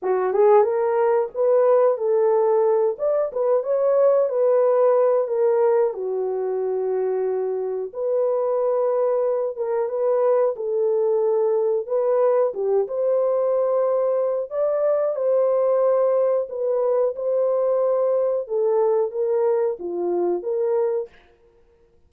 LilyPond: \new Staff \with { instrumentName = "horn" } { \time 4/4 \tempo 4 = 91 fis'8 gis'8 ais'4 b'4 a'4~ | a'8 d''8 b'8 cis''4 b'4. | ais'4 fis'2. | b'2~ b'8 ais'8 b'4 |
a'2 b'4 g'8 c''8~ | c''2 d''4 c''4~ | c''4 b'4 c''2 | a'4 ais'4 f'4 ais'4 | }